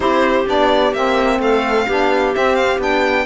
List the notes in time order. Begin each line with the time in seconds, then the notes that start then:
0.00 C4 E4 G4 C5
0.47 B3 D4 D5
0.93 A#3 C4 E5
1.39 A3 A4 F5
1.86 B3 D4 G4
2.34 C4 E5
2.55 F5
2.78 B3 D4 G5